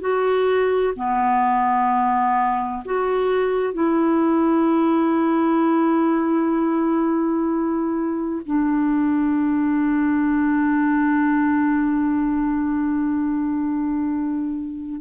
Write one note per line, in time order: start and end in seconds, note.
0.00 0.94 F#4
0.95 2.83 B3
2.85 3.73 F#4
3.73 8.42 E4
8.46 15.01 D4